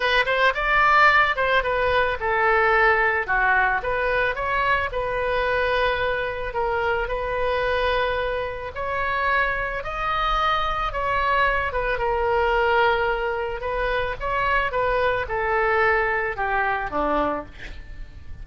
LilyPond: \new Staff \with { instrumentName = "oboe" } { \time 4/4 \tempo 4 = 110 b'8 c''8 d''4. c''8 b'4 | a'2 fis'4 b'4 | cis''4 b'2. | ais'4 b'2. |
cis''2 dis''2 | cis''4. b'8 ais'2~ | ais'4 b'4 cis''4 b'4 | a'2 g'4 d'4 | }